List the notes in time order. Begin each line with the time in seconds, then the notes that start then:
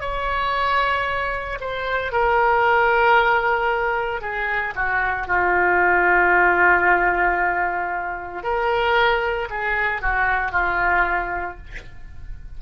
0.00 C#5
1.60 C5
2.11 A#4
4.21 G#4
4.75 F#4
5.27 F4
8.43 A#4
9.49 G#4
10.01 F#4
10.51 F4